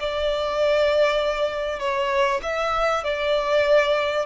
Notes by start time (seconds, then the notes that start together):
0.00 D5
1.80 C#5
2.43 E5
3.04 D5